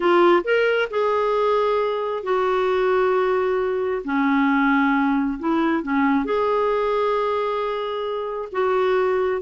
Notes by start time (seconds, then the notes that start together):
0.00 F4
0.44 A#4
0.90 G#4
2.23 F#4
4.04 C#4
5.39 E4
5.82 C#4
6.25 G#4
8.52 F#4